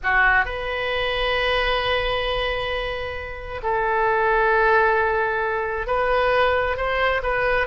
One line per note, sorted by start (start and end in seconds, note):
0.03 0.45 F#4
0.45 3.61 B4
3.63 5.86 A4
5.86 6.76 B4
6.76 7.21 C5
7.22 7.67 B4